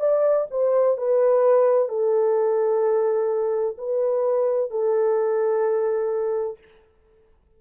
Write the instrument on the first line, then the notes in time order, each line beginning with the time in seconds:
horn
0.00 D5
0.51 C5
0.98 B4
1.89 A4
3.78 B4
4.71 A4